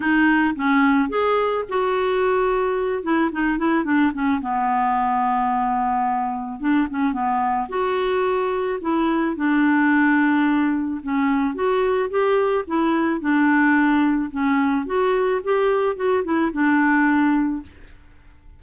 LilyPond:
\new Staff \with { instrumentName = "clarinet" } { \time 4/4 \tempo 4 = 109 dis'4 cis'4 gis'4 fis'4~ | fis'4. e'8 dis'8 e'8 d'8 cis'8 | b1 | d'8 cis'8 b4 fis'2 |
e'4 d'2. | cis'4 fis'4 g'4 e'4 | d'2 cis'4 fis'4 | g'4 fis'8 e'8 d'2 | }